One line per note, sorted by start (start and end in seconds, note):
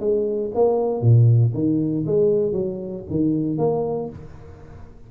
0.00 0.51 G#3
0.55 1.01 A#3
1.01 1.52 A#2
1.54 2.05 D#3
2.06 2.52 G#3
2.52 3.03 F#3
3.10 3.58 D#3
3.58 4.09 A#3